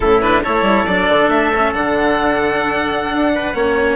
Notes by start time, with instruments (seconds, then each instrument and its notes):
0.00 bassoon A2, cello C#4, trumpet E4, violin A4
0.21 cello D4, violin B4
0.43 bassoon A3, cello E4, trumpet A4, violin C#5
0.61 bassoon G3
0.86 bassoon F#3, cello D4, violin D5
1.08 bassoon D3
1.28 bassoon A3, violin E5
1.54 cello C#4
1.73 bassoon D3, cello D4, violin F#5
3.13 bassoon D4
3.34 trumpet B4
3.54 bassoon A#3, cello C#4, trumpet C#5